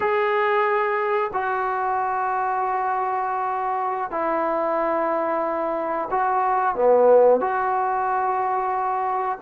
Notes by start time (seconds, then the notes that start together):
0.00 G#4
1.33 F#4
4.11 E4
6.10 F#4
6.75 B3
7.40 F#4